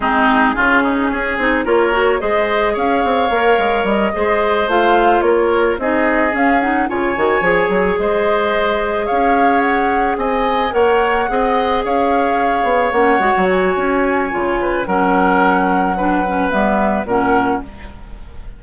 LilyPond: <<
  \new Staff \with { instrumentName = "flute" } { \time 4/4 \tempo 4 = 109 gis'2. cis''4 | dis''4 f''2 dis''4~ | dis''8 f''4 cis''4 dis''4 f''8 | fis''8 gis''2 dis''4.~ |
dis''8 f''4 fis''4 gis''4 fis''8~ | fis''4. f''2 fis''8~ | fis''8 gis''2~ gis''8 fis''4~ | fis''2 e''4 fis''4 | }
  \new Staff \with { instrumentName = "oboe" } { \time 4/4 dis'4 f'8 dis'8 gis'4 ais'4 | c''4 cis''2~ cis''8 c''8~ | c''4. ais'4 gis'4.~ | gis'8 cis''2 c''4.~ |
c''8 cis''2 dis''4 cis''8~ | cis''8 dis''4 cis''2~ cis''8~ | cis''2~ cis''8 b'8 ais'4~ | ais'4 b'2 ais'4 | }
  \new Staff \with { instrumentName = "clarinet" } { \time 4/4 c'4 cis'4. dis'8 f'8 fis'8 | gis'2 ais'4. gis'8~ | gis'8 f'2 dis'4 cis'8 | dis'8 f'8 fis'8 gis'2~ gis'8~ |
gis'2.~ gis'8 ais'8~ | ais'8 gis'2. cis'8 | fis'2 f'4 cis'4~ | cis'4 d'8 cis'8 b4 cis'4 | }
  \new Staff \with { instrumentName = "bassoon" } { \time 4/4 gis4 cis4 cis'8 c'8 ais4 | gis4 cis'8 c'8 ais8 gis8 g8 gis8~ | gis8 a4 ais4 c'4 cis'8~ | cis'8 cis8 dis8 f8 fis8 gis4.~ |
gis8 cis'2 c'4 ais8~ | ais8 c'4 cis'4. b8 ais8 | gis16 fis8. cis'4 cis4 fis4~ | fis2 g4 ais,4 | }
>>